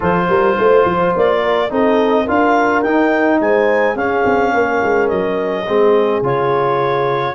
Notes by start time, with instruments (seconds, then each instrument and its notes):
0.00 tuba F3, trombone F4, horn A4, clarinet C5
0.29 tuba G3, horn A#4
0.55 tuba A3, horn C5
0.85 tuba F3
1.15 tuba A#3, clarinet D5
1.41 horn A#4
1.69 tuba C4, trombone D#4, horn A4, clarinet D#5
2.25 tuba D4, trombone F4, horn A#4, clarinet F5
2.82 trombone D#4, tuba D#4, clarinet G5
3.40 tuba G#3, horn C5, clarinet G#5
3.95 tuba C#4, trombone C#4, horn G#4, clarinet F5
4.25 tuba C4
4.52 tuba A#3, horn A#4
4.82 tuba G#3
5.08 tuba F#3, clarinet D#5
5.65 tuba G#3, trombone C4, horn G#4
6.22 tuba C#3, trombone F4, clarinet C#5